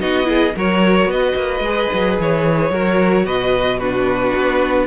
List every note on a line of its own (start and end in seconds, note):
0.00 0.54 B3
0.00 0.24 D#4
0.00 0.28 F#4
0.00 0.54 D#5
0.24 0.51 E4
0.24 0.56 G#4
0.56 1.05 F#3
0.56 1.64 F#4
0.56 1.10 A#4
0.56 1.11 C#5
1.05 1.32 B3
1.05 2.71 B4
1.05 2.19 D#5
1.35 1.60 A#3
1.60 1.87 G#3
1.60 2.72 G#4
1.93 2.19 F#3
2.19 2.70 E3
2.19 3.27 C#5
2.70 3.24 F#3
2.70 3.81 F#4
2.70 3.25 A#4
3.25 4.34 B2
3.25 3.79 B4
3.25 3.78 D#5
3.78 4.86 D4
3.78 4.86 F#4
3.78 4.86 B4
4.35 4.86 B3